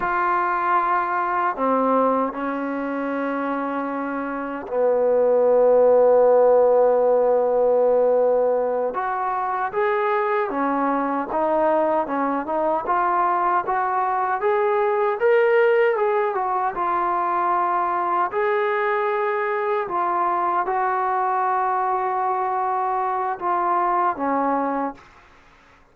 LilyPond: \new Staff \with { instrumentName = "trombone" } { \time 4/4 \tempo 4 = 77 f'2 c'4 cis'4~ | cis'2 b2~ | b2.~ b8 fis'8~ | fis'8 gis'4 cis'4 dis'4 cis'8 |
dis'8 f'4 fis'4 gis'4 ais'8~ | ais'8 gis'8 fis'8 f'2 gis'8~ | gis'4. f'4 fis'4.~ | fis'2 f'4 cis'4 | }